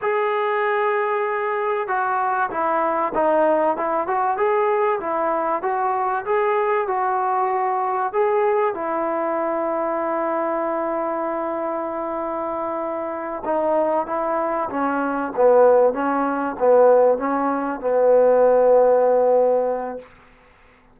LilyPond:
\new Staff \with { instrumentName = "trombone" } { \time 4/4 \tempo 4 = 96 gis'2. fis'4 | e'4 dis'4 e'8 fis'8 gis'4 | e'4 fis'4 gis'4 fis'4~ | fis'4 gis'4 e'2~ |
e'1~ | e'4. dis'4 e'4 cis'8~ | cis'8 b4 cis'4 b4 cis'8~ | cis'8 b2.~ b8 | }